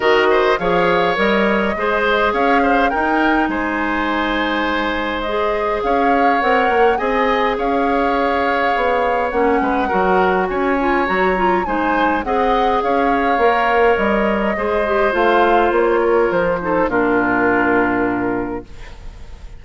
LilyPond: <<
  \new Staff \with { instrumentName = "flute" } { \time 4/4 \tempo 4 = 103 dis''4 f''4 dis''2 | f''4 g''4 gis''2~ | gis''4 dis''4 f''4 fis''4 | gis''4 f''2. |
fis''2 gis''4 ais''4 | gis''4 fis''4 f''2 | dis''2 f''4 cis''4 | c''4 ais'2. | }
  \new Staff \with { instrumentName = "oboe" } { \time 4/4 ais'8 c''8 cis''2 c''4 | cis''8 c''8 ais'4 c''2~ | c''2 cis''2 | dis''4 cis''2.~ |
cis''8 b'8 ais'4 cis''2 | c''4 dis''4 cis''2~ | cis''4 c''2~ c''8 ais'8~ | ais'8 a'8 f'2. | }
  \new Staff \with { instrumentName = "clarinet" } { \time 4/4 fis'4 gis'4 ais'4 gis'4~ | gis'4 dis'2.~ | dis'4 gis'2 ais'4 | gis'1 |
cis'4 fis'4. f'8 fis'8 f'8 | dis'4 gis'2 ais'4~ | ais'4 gis'8 g'8 f'2~ | f'8 dis'8 d'2. | }
  \new Staff \with { instrumentName = "bassoon" } { \time 4/4 dis4 f4 g4 gis4 | cis'4 dis'4 gis2~ | gis2 cis'4 c'8 ais8 | c'4 cis'2 b4 |
ais8 gis8 fis4 cis'4 fis4 | gis4 c'4 cis'4 ais4 | g4 gis4 a4 ais4 | f4 ais,2. | }
>>